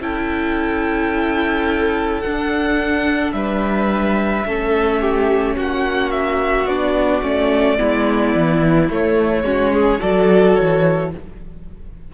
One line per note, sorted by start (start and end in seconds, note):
0.00 2.22 C#4
0.00 2.22 E4
0.00 3.34 A4
0.00 2.20 G5
2.20 3.33 D4
2.20 3.31 F#5
2.26 4.45 D4
3.32 4.44 G3
3.32 4.46 B4
3.32 5.54 E5
4.45 5.56 A3
4.45 6.67 C#4
4.45 5.00 A4
5.00 5.56 G4
5.56 6.66 A#3
5.56 7.77 F#4
5.56 6.11 F#5
6.11 6.66 E5
6.66 7.21 B3
6.66 7.22 D4
6.66 8.89 D5
7.22 7.78 A3
7.22 7.77 C#4
7.77 8.35 G#3
7.77 8.88 B3
7.77 9.44 E4
8.35 8.89 E3
8.89 9.43 A3
8.89 9.44 A3
8.89 10.00 C#5
9.43 9.99 G#3
9.43 9.99 C#4
9.43 9.72 F#4
9.73 10.00 G#4
9.99 10.58 F#3
9.99 11.10 F#4
9.99 11.11 A4
9.99 10.55 D5
10.55 11.13 E3
10.55 11.10 C#5